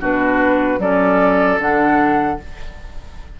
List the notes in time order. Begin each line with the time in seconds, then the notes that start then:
0.00 B2 D4 F#4 B4
0.78 F#3 C#4 A4 D5
1.58 D3 D4 F#5